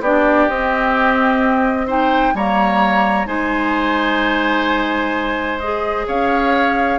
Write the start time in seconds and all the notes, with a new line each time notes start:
0.00 B3 D4 G4 D5
0.48 C4 D#5
1.87 D#4 C5 G5
2.34 G3 A#3 C#5 A#5
3.26 G#3 D#4 C5 G#5
5.59 G#4 D#5
6.07 C#4 C#5 F5